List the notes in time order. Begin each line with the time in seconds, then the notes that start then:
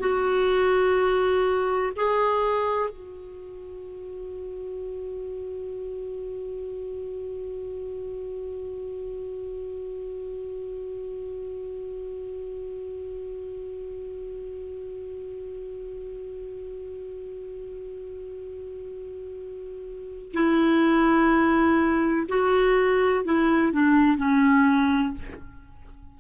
0.00 F#4
1.97 G#4
2.90 F#4
20.34 E4
22.29 F#4
23.25 E4
23.73 D4
24.18 C#4